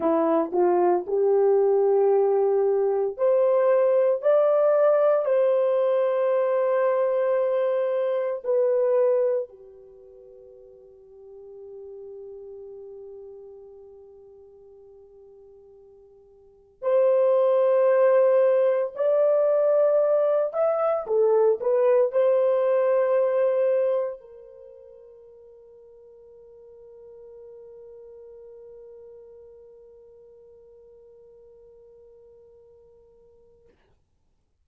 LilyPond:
\new Staff \with { instrumentName = "horn" } { \time 4/4 \tempo 4 = 57 e'8 f'8 g'2 c''4 | d''4 c''2. | b'4 g'2.~ | g'1 |
c''2 d''4. e''8 | a'8 b'8 c''2 ais'4~ | ais'1~ | ais'1 | }